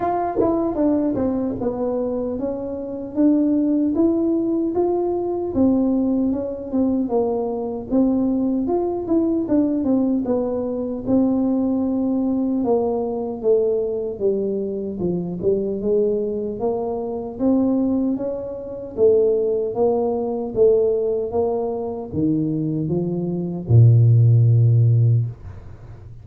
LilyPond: \new Staff \with { instrumentName = "tuba" } { \time 4/4 \tempo 4 = 76 f'8 e'8 d'8 c'8 b4 cis'4 | d'4 e'4 f'4 c'4 | cis'8 c'8 ais4 c'4 f'8 e'8 | d'8 c'8 b4 c'2 |
ais4 a4 g4 f8 g8 | gis4 ais4 c'4 cis'4 | a4 ais4 a4 ais4 | dis4 f4 ais,2 | }